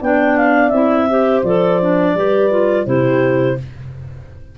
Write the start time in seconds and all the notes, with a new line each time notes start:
0.00 B3 D4 D5 G5
0.37 F5
0.69 C4 E4 E5
1.10 G4 C5
1.44 F3 A4 D5
1.82 D4
2.15 G3 G4 B4
2.51 F4
2.86 C3 E4 G4 C5